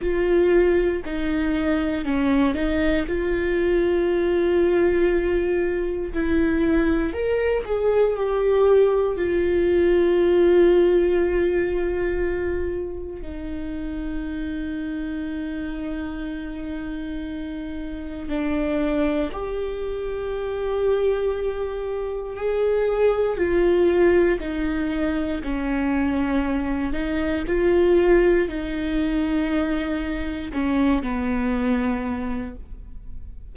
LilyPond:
\new Staff \with { instrumentName = "viola" } { \time 4/4 \tempo 4 = 59 f'4 dis'4 cis'8 dis'8 f'4~ | f'2 e'4 ais'8 gis'8 | g'4 f'2.~ | f'4 dis'2.~ |
dis'2 d'4 g'4~ | g'2 gis'4 f'4 | dis'4 cis'4. dis'8 f'4 | dis'2 cis'8 b4. | }